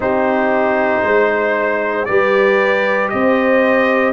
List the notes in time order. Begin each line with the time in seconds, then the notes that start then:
0.00 C4 D#4 G4 C5
1.03 G#3 C5
2.05 G3 G4 B4 D5
3.09 C4 C5 D#5